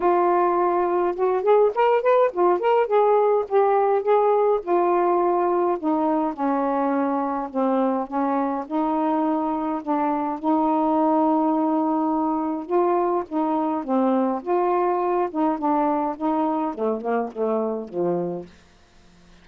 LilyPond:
\new Staff \with { instrumentName = "saxophone" } { \time 4/4 \tempo 4 = 104 f'2 fis'8 gis'8 ais'8 b'8 | f'8 ais'8 gis'4 g'4 gis'4 | f'2 dis'4 cis'4~ | cis'4 c'4 cis'4 dis'4~ |
dis'4 d'4 dis'2~ | dis'2 f'4 dis'4 | c'4 f'4. dis'8 d'4 | dis'4 a8 ais8 a4 f4 | }